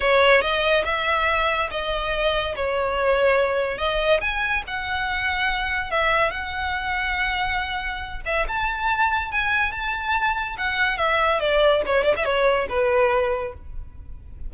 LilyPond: \new Staff \with { instrumentName = "violin" } { \time 4/4 \tempo 4 = 142 cis''4 dis''4 e''2 | dis''2 cis''2~ | cis''4 dis''4 gis''4 fis''4~ | fis''2 e''4 fis''4~ |
fis''2.~ fis''8 e''8 | a''2 gis''4 a''4~ | a''4 fis''4 e''4 d''4 | cis''8 d''16 e''16 cis''4 b'2 | }